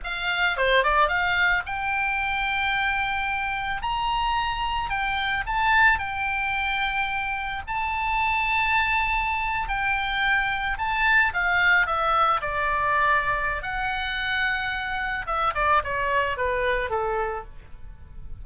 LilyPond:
\new Staff \with { instrumentName = "oboe" } { \time 4/4 \tempo 4 = 110 f''4 c''8 d''8 f''4 g''4~ | g''2. ais''4~ | ais''4 g''4 a''4 g''4~ | g''2 a''2~ |
a''4.~ a''16 g''2 a''16~ | a''8. f''4 e''4 d''4~ d''16~ | d''4 fis''2. | e''8 d''8 cis''4 b'4 a'4 | }